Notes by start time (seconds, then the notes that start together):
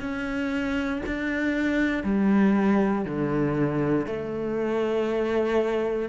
0.00 C#4
1.06 D4
2.03 G3
3.05 D3
4.06 A3